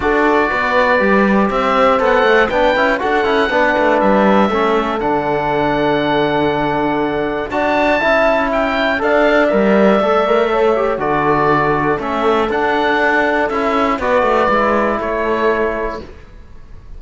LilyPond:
<<
  \new Staff \with { instrumentName = "oboe" } { \time 4/4 \tempo 4 = 120 d''2. e''4 | fis''4 g''4 fis''2 | e''2 fis''2~ | fis''2. a''4~ |
a''4 g''4 f''4 e''4~ | e''2 d''2 | e''4 fis''2 e''4 | d''2 cis''2 | }
  \new Staff \with { instrumentName = "horn" } { \time 4/4 a'4 b'2 c''4~ | c''4 b'4 a'4 b'4~ | b'4 a'2.~ | a'2. d''4 |
e''2 d''2~ | d''4 cis''4 a'2~ | a'1 | b'2 a'2 | }
  \new Staff \with { instrumentName = "trombone" } { \time 4/4 fis'2 g'2 | a'4 d'8 e'8 fis'8 e'8 d'4~ | d'4 cis'4 d'2~ | d'2. fis'4 |
e'2 a'4 ais'4 | a'8 ais'8 a'8 g'8 fis'2 | cis'4 d'2 e'4 | fis'4 e'2. | }
  \new Staff \with { instrumentName = "cello" } { \time 4/4 d'4 b4 g4 c'4 | b8 a8 b8 cis'8 d'8 cis'8 b8 a8 | g4 a4 d2~ | d2. d'4 |
cis'2 d'4 g4 | a2 d2 | a4 d'2 cis'4 | b8 a8 gis4 a2 | }
>>